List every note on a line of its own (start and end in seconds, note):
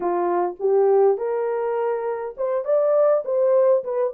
0.00 0.55 F4
0.59 1.17 G4
1.17 2.35 A#4
2.37 2.64 C5
2.64 3.23 D5
3.24 3.83 C5
3.83 4.13 B4